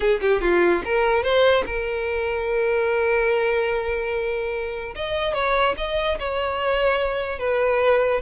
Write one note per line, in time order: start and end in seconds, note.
0.00 0.20 G#4
0.21 0.41 G4
0.41 0.82 F4
0.84 1.23 A#4
1.23 1.64 C5
1.66 4.94 A#4
4.95 5.34 D#5
5.34 5.75 C#5
5.77 6.18 D#5
6.19 7.39 C#5
7.39 8.21 B4